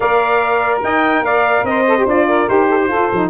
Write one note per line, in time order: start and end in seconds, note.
0.00 0.83 A#3
0.00 1.85 A#4
0.00 0.81 D5
0.00 0.79 F5
0.83 1.21 D#4
0.83 1.24 D#5
0.83 1.24 G5
1.21 1.62 A#3
1.21 1.65 D5
1.21 1.65 F5
1.63 2.04 C4
1.63 2.27 C5
1.63 2.06 D#5
1.87 1.97 A4
1.97 2.07 G4
2.06 2.47 D4
2.06 2.47 F4
2.06 2.49 D5
2.27 2.68 A#4
2.47 2.88 D#4
2.47 2.88 G4
2.47 3.29 C5
2.69 2.79 A4
2.81 2.88 G4
2.88 3.09 F4
2.88 3.12 F4
2.88 3.29 A4
3.12 3.29 F3
3.12 3.29 D#4